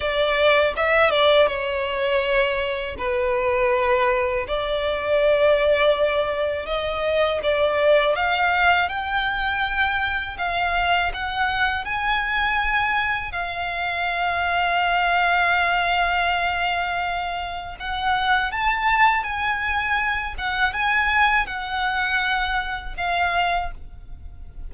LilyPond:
\new Staff \with { instrumentName = "violin" } { \time 4/4 \tempo 4 = 81 d''4 e''8 d''8 cis''2 | b'2 d''2~ | d''4 dis''4 d''4 f''4 | g''2 f''4 fis''4 |
gis''2 f''2~ | f''1 | fis''4 a''4 gis''4. fis''8 | gis''4 fis''2 f''4 | }